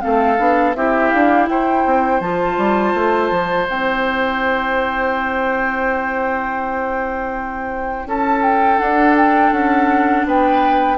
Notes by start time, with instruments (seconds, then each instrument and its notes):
0.00 bassoon A3, clarinet C4, oboe A4, flute F5
0.37 bassoon B3, clarinet D4
0.75 bassoon C4, clarinet E4, oboe G4, flute E5
1.10 bassoon D4, flute F5
1.48 bassoon E4, oboe C5, flute G5
1.86 bassoon C4
2.20 bassoon F3, clarinet F4, flute A5
2.57 bassoon G3
2.94 bassoon A3
3.30 bassoon F3
3.68 bassoon C4, clarinet E4, flute G5
8.05 bassoon C#4, oboe A4, flute A5
8.43 flute G5
8.78 clarinet D4, bassoon D4, flute F#5
9.17 flute G5
9.51 bassoon C#4, flute F#5
10.26 bassoon B3, oboe B4, flute G5